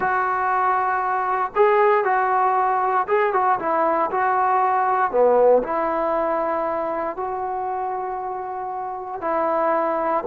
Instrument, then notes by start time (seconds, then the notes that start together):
trombone
0.00 F#4
1.55 G#4
2.04 F#4
3.07 G#4
3.33 F#4
3.59 E4
4.11 F#4
5.11 B3
5.63 E4
7.16 F#4
9.21 E4